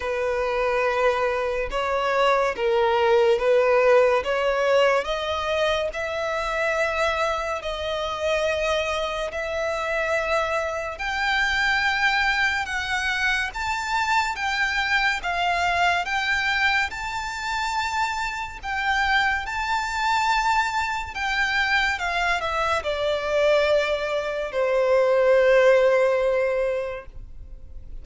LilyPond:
\new Staff \with { instrumentName = "violin" } { \time 4/4 \tempo 4 = 71 b'2 cis''4 ais'4 | b'4 cis''4 dis''4 e''4~ | e''4 dis''2 e''4~ | e''4 g''2 fis''4 |
a''4 g''4 f''4 g''4 | a''2 g''4 a''4~ | a''4 g''4 f''8 e''8 d''4~ | d''4 c''2. | }